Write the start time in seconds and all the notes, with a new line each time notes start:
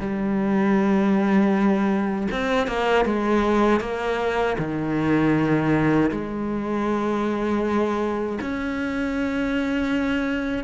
0.00 G3
2.31 C4
2.67 A#3
3.06 G#3
3.81 A#3
4.58 D#3
6.11 G#3
8.41 C#4